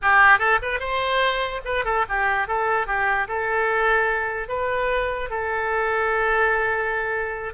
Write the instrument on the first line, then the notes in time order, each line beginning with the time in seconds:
oboe
0.02 G4
0.38 A4
0.62 B4
0.79 C5
1.64 B4
1.84 A4
2.08 G4
2.47 A4
2.86 G4
3.28 A4
4.48 B4
5.29 A4